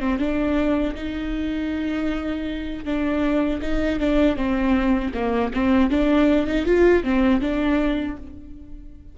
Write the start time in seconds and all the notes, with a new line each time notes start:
0.00 C4
0.19 D4
0.95 D#4
2.85 D4
3.61 D#4
3.99 D4
4.36 C4
5.14 A#3
5.54 C4
5.91 D4
6.47 D#4
6.66 F4
7.04 C4
7.41 D4